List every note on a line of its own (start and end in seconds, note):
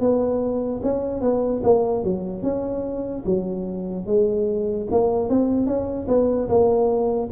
0.00 0.81 B3
0.83 1.21 C#4
1.21 1.61 B3
1.63 2.04 A#3
2.04 2.43 F#3
2.43 3.24 C#4
3.25 4.07 F#3
4.07 4.88 G#3
4.91 5.30 A#3
5.30 5.66 C4
5.66 6.07 C#4
6.08 6.48 B3
6.48 7.29 A#3